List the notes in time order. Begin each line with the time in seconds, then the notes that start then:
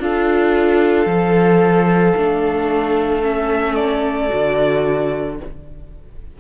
0.00 D4 F4 A4 F5
1.06 F3 A4
2.17 A3 D4
3.22 C#4 E5
3.75 D5
4.30 D3 F#4